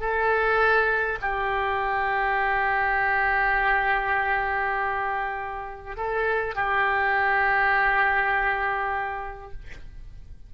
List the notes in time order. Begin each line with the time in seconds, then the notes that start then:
0.00 A4
1.22 G4
5.97 A4
6.55 G4